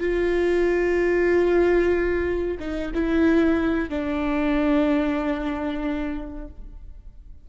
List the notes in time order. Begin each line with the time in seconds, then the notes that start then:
0.00 F4
2.60 D#4
2.94 E4
3.89 D4